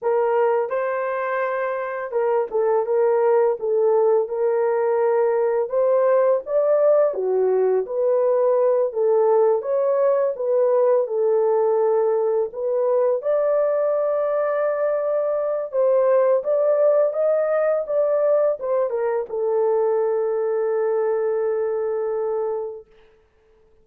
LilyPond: \new Staff \with { instrumentName = "horn" } { \time 4/4 \tempo 4 = 84 ais'4 c''2 ais'8 a'8 | ais'4 a'4 ais'2 | c''4 d''4 fis'4 b'4~ | b'8 a'4 cis''4 b'4 a'8~ |
a'4. b'4 d''4.~ | d''2 c''4 d''4 | dis''4 d''4 c''8 ais'8 a'4~ | a'1 | }